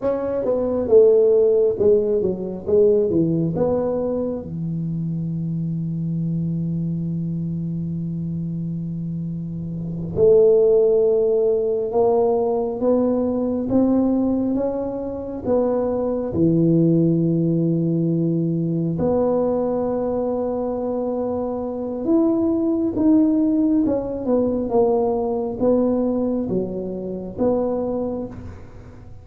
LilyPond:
\new Staff \with { instrumentName = "tuba" } { \time 4/4 \tempo 4 = 68 cis'8 b8 a4 gis8 fis8 gis8 e8 | b4 e2.~ | e2.~ e8 a8~ | a4. ais4 b4 c'8~ |
c'8 cis'4 b4 e4.~ | e4. b2~ b8~ | b4 e'4 dis'4 cis'8 b8 | ais4 b4 fis4 b4 | }